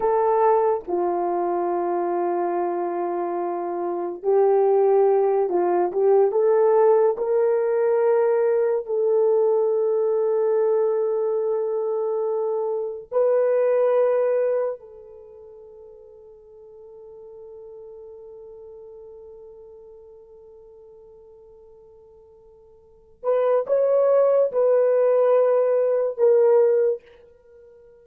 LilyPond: \new Staff \with { instrumentName = "horn" } { \time 4/4 \tempo 4 = 71 a'4 f'2.~ | f'4 g'4. f'8 g'8 a'8~ | a'8 ais'2 a'4.~ | a'2.~ a'8 b'8~ |
b'4. a'2~ a'8~ | a'1~ | a'2.~ a'8 b'8 | cis''4 b'2 ais'4 | }